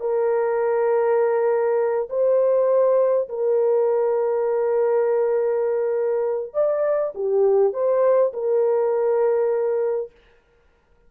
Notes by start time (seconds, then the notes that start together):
0.00 A#4
2.09 C5
3.28 A#4
6.53 D5
7.14 G4
7.73 C5
8.33 A#4